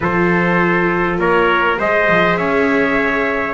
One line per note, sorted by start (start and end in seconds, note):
0.00 1.18 F3
0.00 1.76 F4
0.00 1.19 A4
0.00 1.18 C5
1.18 1.77 A#3
1.18 1.78 A#4
1.18 1.79 C#5
1.76 2.08 G#3
1.76 3.54 G#4
1.76 2.38 C5
1.76 2.37 D#5
2.08 2.36 F3
2.36 3.54 C#4
2.36 3.54 C#5
2.36 3.54 E5